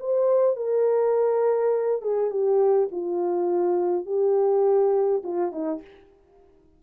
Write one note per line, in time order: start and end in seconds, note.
0.00 0.57 C5
0.57 2.02 A#4
2.02 2.31 G#4
2.31 2.89 G4
2.92 4.06 F4
4.06 5.23 G4
5.24 5.52 F4
5.52 5.81 D#4